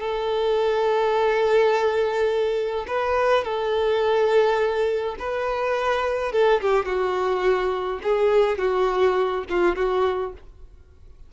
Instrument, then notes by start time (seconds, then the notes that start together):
violin
0.00 A4
2.87 B4
3.44 A4
5.19 B4
6.32 A4
6.61 G4
6.85 F#4
8.03 G#4
8.58 F#4
9.49 F4
9.76 F#4